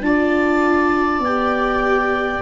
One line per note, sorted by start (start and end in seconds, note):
0.00 1.19 D4
0.00 1.22 F4
0.00 2.41 D5
0.00 1.22 A5
1.19 2.39 B3
1.19 2.41 G5
1.25 2.41 G4